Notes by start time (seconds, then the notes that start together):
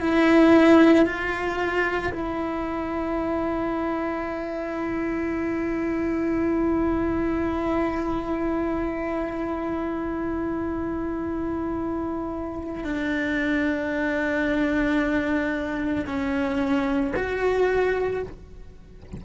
0.00 E4
1.06 F4
2.13 E4
12.84 D4
16.06 C#4
17.16 F#4